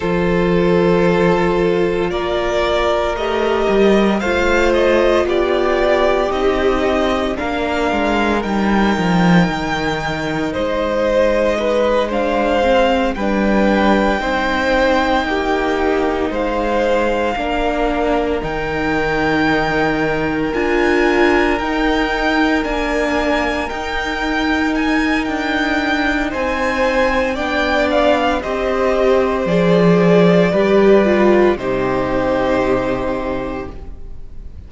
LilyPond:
<<
  \new Staff \with { instrumentName = "violin" } { \time 4/4 \tempo 4 = 57 c''2 d''4 dis''4 | f''8 dis''8 d''4 dis''4 f''4 | g''2 dis''4. f''8~ | f''8 g''2. f''8~ |
f''4. g''2 gis''8~ | gis''8 g''4 gis''4 g''4 gis''8 | g''4 gis''4 g''8 f''8 dis''4 | d''2 c''2 | }
  \new Staff \with { instrumentName = "violin" } { \time 4/4 a'2 ais'2 | c''4 g'2 ais'4~ | ais'2 c''4 b'8 c''8~ | c''8 b'4 c''4 g'4 c''8~ |
c''8 ais'2.~ ais'8~ | ais'1~ | ais'4 c''4 d''4 c''4~ | c''4 b'4 g'2 | }
  \new Staff \with { instrumentName = "viola" } { \time 4/4 f'2. g'4 | f'2 dis'4 d'4 | dis'2.~ dis'8 d'8 | c'8 d'4 dis'2~ dis'8~ |
dis'8 d'4 dis'2 f'8~ | f'8 dis'4 d'4 dis'4.~ | dis'2 d'4 g'4 | gis'4 g'8 f'8 dis'2 | }
  \new Staff \with { instrumentName = "cello" } { \time 4/4 f2 ais4 a8 g8 | a4 b4 c'4 ais8 gis8 | g8 f8 dis4 gis2~ | gis8 g4 c'4 ais4 gis8~ |
gis8 ais4 dis2 d'8~ | d'8 dis'4 ais4 dis'4. | d'4 c'4 b4 c'4 | f4 g4 c2 | }
>>